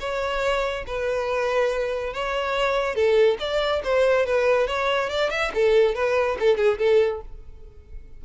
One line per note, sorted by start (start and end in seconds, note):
0.00 0.85 C#5
0.87 2.14 B4
2.14 2.95 C#5
2.95 3.38 A4
3.39 3.82 D5
3.84 4.26 C5
4.26 4.68 B4
4.68 5.10 C#5
5.10 5.30 D5
5.30 5.52 E5
5.55 5.95 A4
5.95 6.38 B4
6.40 6.57 A4
6.57 6.78 G#4
6.79 7.21 A4